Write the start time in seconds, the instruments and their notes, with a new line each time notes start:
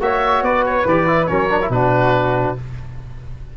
0.00 tuba A#3, trombone F#4, flute C#5, oboe E5
0.42 tuba B3, flute B4, oboe D5
0.66 oboe C#5
0.85 tuba E3, trombone G4, oboe D5
1.07 trombone E4
1.25 tuba F#3, trombone C#4, flute A#4, oboe C#5
1.49 trombone D4
1.61 trombone E4
1.69 tuba B2, trombone D4, flute F#4, oboe B4